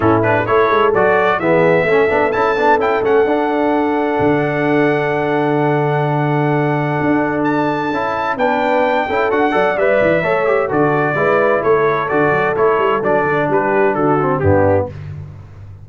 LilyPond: <<
  \new Staff \with { instrumentName = "trumpet" } { \time 4/4 \tempo 4 = 129 a'8 b'8 cis''4 d''4 e''4~ | e''4 a''4 g''8 fis''4.~ | fis''1~ | fis''1 |
a''2 g''2 | fis''4 e''2 d''4~ | d''4 cis''4 d''4 cis''4 | d''4 b'4 a'4 g'4 | }
  \new Staff \with { instrumentName = "horn" } { \time 4/4 e'4 a'2 gis'4 | a'1~ | a'1~ | a'1~ |
a'2 b'4. a'8~ | a'8 d''4. cis''4 a'4 | b'4 a'2.~ | a'4 g'4 fis'4 d'4 | }
  \new Staff \with { instrumentName = "trombone" } { \time 4/4 cis'8 d'8 e'4 fis'4 b4 | cis'8 d'8 e'8 d'8 e'8 cis'8 d'4~ | d'1~ | d'1~ |
d'4 e'4 d'4. e'8 | fis'8 a'8 b'4 a'8 g'8 fis'4 | e'2 fis'4 e'4 | d'2~ d'8 c'8 b4 | }
  \new Staff \with { instrumentName = "tuba" } { \time 4/4 a,4 a8 gis8 fis4 e4 | a8 b8 cis'8 b8 cis'8 a8 d'4~ | d'4 d2.~ | d2. d'4~ |
d'4 cis'4 b4. cis'8 | d'8 fis8 g8 e8 a4 d4 | gis4 a4 d8 fis8 a8 g8 | fis8 d8 g4 d4 g,4 | }
>>